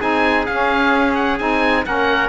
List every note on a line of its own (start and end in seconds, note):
0.00 0.48 C4
0.00 0.47 D#4
0.00 1.85 G#4
0.00 0.46 G#5
0.46 1.40 C#4
0.46 1.39 C#4
0.46 1.15 F5
1.15 1.38 F#5
1.39 1.86 C4
1.39 1.85 D#4
1.39 1.85 G#5
1.85 2.29 A#3
1.85 2.29 C#4
1.85 2.29 A#4
1.85 2.29 F#5